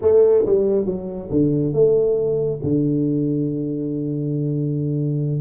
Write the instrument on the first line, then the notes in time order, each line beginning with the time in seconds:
tuba
0.01 A3
0.45 G3
0.85 F#3
1.30 D3
1.73 A3
2.62 D3